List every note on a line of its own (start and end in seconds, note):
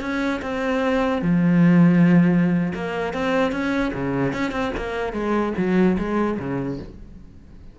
0.00 0.40 C#4
0.41 1.22 C4
1.22 2.73 F3
2.74 3.13 A#3
3.13 3.51 C4
3.51 3.92 C#4
3.93 4.33 C#3
4.33 4.51 C#4
4.51 4.71 C4
4.77 5.13 A#3
5.13 5.53 G#3
5.57 5.97 F#3
5.98 6.38 G#3
6.38 6.79 C#3